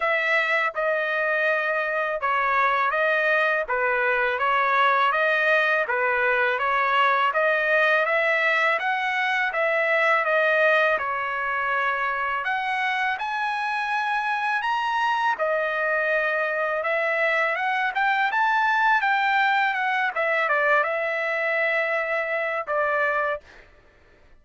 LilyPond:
\new Staff \with { instrumentName = "trumpet" } { \time 4/4 \tempo 4 = 82 e''4 dis''2 cis''4 | dis''4 b'4 cis''4 dis''4 | b'4 cis''4 dis''4 e''4 | fis''4 e''4 dis''4 cis''4~ |
cis''4 fis''4 gis''2 | ais''4 dis''2 e''4 | fis''8 g''8 a''4 g''4 fis''8 e''8 | d''8 e''2~ e''8 d''4 | }